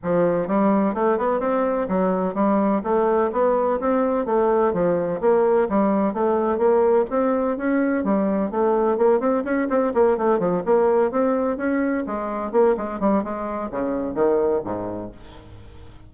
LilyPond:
\new Staff \with { instrumentName = "bassoon" } { \time 4/4 \tempo 4 = 127 f4 g4 a8 b8 c'4 | fis4 g4 a4 b4 | c'4 a4 f4 ais4 | g4 a4 ais4 c'4 |
cis'4 g4 a4 ais8 c'8 | cis'8 c'8 ais8 a8 f8 ais4 c'8~ | c'8 cis'4 gis4 ais8 gis8 g8 | gis4 cis4 dis4 gis,4 | }